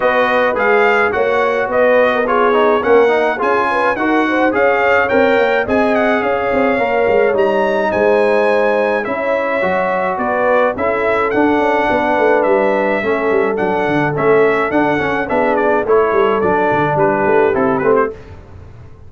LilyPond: <<
  \new Staff \with { instrumentName = "trumpet" } { \time 4/4 \tempo 4 = 106 dis''4 f''4 fis''4 dis''4 | cis''4 fis''4 gis''4 fis''4 | f''4 g''4 gis''8 fis''8 f''4~ | f''4 ais''4 gis''2 |
e''2 d''4 e''4 | fis''2 e''2 | fis''4 e''4 fis''4 e''8 d''8 | cis''4 d''4 b'4 a'8 b'16 c''16 | }
  \new Staff \with { instrumentName = "horn" } { \time 4/4 b'2 cis''4 b'8. ais'16 | gis'4 ais'4 gis'8 b'8 ais'8 c''8 | cis''2 dis''4 cis''4~ | cis''2 c''2 |
cis''2 b'4 a'4~ | a'4 b'2 a'4~ | a'2. gis'4 | a'2 g'2 | }
  \new Staff \with { instrumentName = "trombone" } { \time 4/4 fis'4 gis'4 fis'2 | f'8 dis'8 cis'8 dis'8 f'4 fis'4 | gis'4 ais'4 gis'2 | ais'4 dis'2. |
e'4 fis'2 e'4 | d'2. cis'4 | d'4 cis'4 d'8 cis'8 d'4 | e'4 d'2 e'8 c'8 | }
  \new Staff \with { instrumentName = "tuba" } { \time 4/4 b4 gis4 ais4 b4~ | b4 ais4 cis'4 dis'4 | cis'4 c'8 ais8 c'4 cis'8 c'8 | ais8 gis8 g4 gis2 |
cis'4 fis4 b4 cis'4 | d'8 cis'8 b8 a8 g4 a8 g8 | fis8 d8 a4 d'8 cis'8 b4 | a8 g8 fis8 d8 g8 a8 c'8 a8 | }
>>